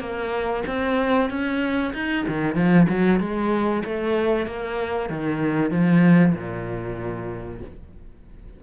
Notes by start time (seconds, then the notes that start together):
0.00 A#3
0.67 C4
1.30 C#4
1.93 D#4
2.28 D#3
2.55 F3
2.89 F#3
3.20 G#3
3.84 A3
4.46 A#3
5.10 D#3
5.70 F3
6.34 A#2